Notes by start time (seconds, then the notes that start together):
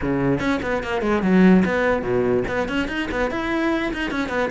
0.01 C#3
0.39 C#4
0.62 B3
0.83 A#3
1.01 G#3
1.22 F#3
1.65 B3
2.02 B2
2.48 B3
2.68 C#4
2.88 D#4
3.11 B3
3.30 E4
3.93 D#4
4.10 C#4
4.29 B3